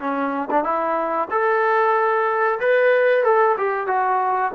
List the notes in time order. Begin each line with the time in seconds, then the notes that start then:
0.00 C#4
0.50 D4
0.64 E4
1.30 A4
2.60 B4
3.24 A4
3.57 G4
3.87 F#4